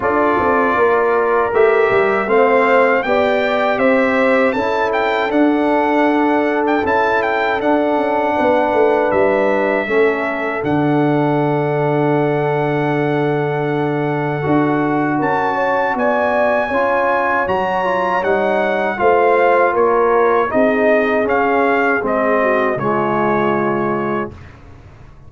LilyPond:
<<
  \new Staff \with { instrumentName = "trumpet" } { \time 4/4 \tempo 4 = 79 d''2 e''4 f''4 | g''4 e''4 a''8 g''8 fis''4~ | fis''8. g''16 a''8 g''8 fis''2 | e''2 fis''2~ |
fis''1 | a''4 gis''2 ais''4 | fis''4 f''4 cis''4 dis''4 | f''4 dis''4 cis''2 | }
  \new Staff \with { instrumentName = "horn" } { \time 4/4 a'4 ais'2 c''4 | d''4 c''4 a'2~ | a'2. b'4~ | b'4 a'2.~ |
a'1 | ais'8 cis''8 d''4 cis''2~ | cis''4 c''4 ais'4 gis'4~ | gis'4. fis'8 f'2 | }
  \new Staff \with { instrumentName = "trombone" } { \time 4/4 f'2 g'4 c'4 | g'2 e'4 d'4~ | d'4 e'4 d'2~ | d'4 cis'4 d'2~ |
d'2. fis'4~ | fis'2 f'4 fis'8 f'8 | dis'4 f'2 dis'4 | cis'4 c'4 gis2 | }
  \new Staff \with { instrumentName = "tuba" } { \time 4/4 d'8 c'8 ais4 a8 g8 a4 | b4 c'4 cis'4 d'4~ | d'4 cis'4 d'8 cis'8 b8 a8 | g4 a4 d2~ |
d2. d'4 | cis'4 b4 cis'4 fis4 | g4 a4 ais4 c'4 | cis'4 gis4 cis2 | }
>>